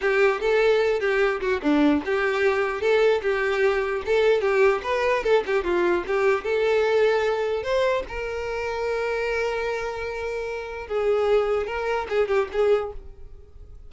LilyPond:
\new Staff \with { instrumentName = "violin" } { \time 4/4 \tempo 4 = 149 g'4 a'4. g'4 fis'8 | d'4 g'2 a'4 | g'2 a'4 g'4 | b'4 a'8 g'8 f'4 g'4 |
a'2. c''4 | ais'1~ | ais'2. gis'4~ | gis'4 ais'4 gis'8 g'8 gis'4 | }